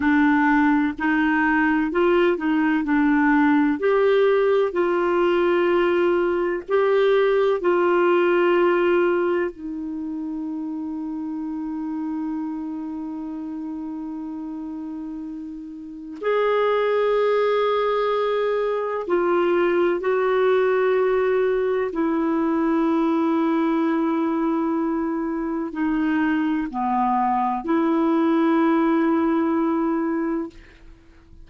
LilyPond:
\new Staff \with { instrumentName = "clarinet" } { \time 4/4 \tempo 4 = 63 d'4 dis'4 f'8 dis'8 d'4 | g'4 f'2 g'4 | f'2 dis'2~ | dis'1~ |
dis'4 gis'2. | f'4 fis'2 e'4~ | e'2. dis'4 | b4 e'2. | }